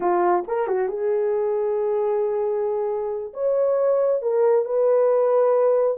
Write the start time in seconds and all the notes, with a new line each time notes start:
0.00 F4
0.47 A#4
0.67 F#4
0.88 G#4
3.33 C#5
4.21 A#4
4.65 B4